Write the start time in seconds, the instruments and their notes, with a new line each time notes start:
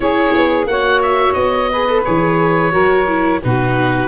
0.00 tuba C#4, viola E4, saxophone G#4, oboe C#5
0.35 tuba B3
0.66 tuba A#3, viola F#4, saxophone C#5, oboe F#5
1.02 oboe E5
1.33 tuba B3, oboe D#5
1.70 viola G#4, saxophone B4
1.88 viola A4
2.04 tuba E3, viola G#4, oboe C#5
2.71 tuba F#3, viola F#4, saxophone A#4
3.07 viola E4
3.43 tuba B2, viola D#4, saxophone F#4, oboe B4